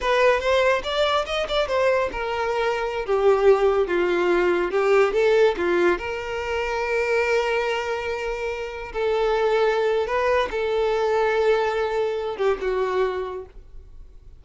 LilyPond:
\new Staff \with { instrumentName = "violin" } { \time 4/4 \tempo 4 = 143 b'4 c''4 d''4 dis''8 d''8 | c''4 ais'2~ ais'16 g'8.~ | g'4~ g'16 f'2 g'8.~ | g'16 a'4 f'4 ais'4.~ ais'16~ |
ais'1~ | ais'4~ ais'16 a'2~ a'8. | b'4 a'2.~ | a'4. g'8 fis'2 | }